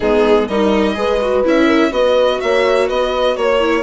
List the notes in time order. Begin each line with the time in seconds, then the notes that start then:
0.00 G#3 B3 D#4 G#4
0.48 G3 D#4 A#4 D#5
0.94 G#3 G#4 B4
1.21 F#4
1.44 C#4 E4 E5
1.66 A#4
1.90 B3 F#4 B4 D#5
2.40 A#3 C#5 E5
2.87 B3 B4 D#5
3.35 A#3 C#5
3.59 E4